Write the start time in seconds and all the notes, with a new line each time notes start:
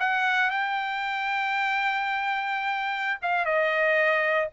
0.00 F#5
0.51 G5
3.22 F5
3.46 D#5